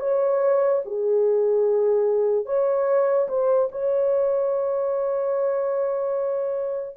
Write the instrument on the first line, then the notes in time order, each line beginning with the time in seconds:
horn
0.00 C#5
0.85 G#4
2.45 C#5
3.28 C5
3.72 C#5